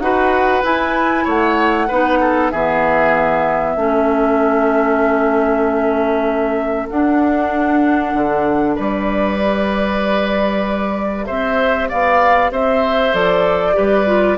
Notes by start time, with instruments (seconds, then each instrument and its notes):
0.00 bassoon D#4, clarinet F#4, oboe B4, flute F#5
0.63 clarinet E4, bassoon E4, flute G#5
1.25 bassoon A3, oboe C#5, flute F#5
1.88 bassoon B3, clarinet D#4, oboe B4
2.21 oboe A4
2.51 bassoon E3, clarinet B3, oboe G#4, flute E5
3.76 bassoon A3, clarinet C#4, oboe A4
6.89 clarinet D4, bassoon D4, flute F#5
8.14 bassoon D3
8.75 bassoon G3, oboe B4, flute D5
9.38 clarinet G4
11.26 bassoon C4, oboe C5, flute E5
11.89 bassoon B3, oboe D5, flute F5
12.51 bassoon C4, oboe C5, flute E5
13.13 bassoon F3, clarinet A4, flute D5
13.74 bassoon G3, clarinet G4, oboe B4
14.06 clarinet F4